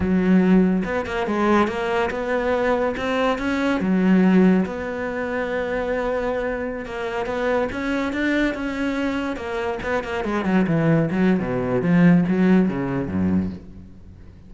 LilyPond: \new Staff \with { instrumentName = "cello" } { \time 4/4 \tempo 4 = 142 fis2 b8 ais8 gis4 | ais4 b2 c'4 | cis'4 fis2 b4~ | b1~ |
b16 ais4 b4 cis'4 d'8.~ | d'16 cis'2 ais4 b8 ais16~ | ais16 gis8 fis8 e4 fis8. b,4 | f4 fis4 cis4 fis,4 | }